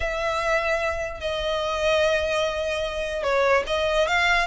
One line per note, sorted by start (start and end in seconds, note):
0.00 1.20 E5
1.20 3.23 D#5
3.23 3.63 C#5
3.67 4.07 D#5
4.07 4.47 F5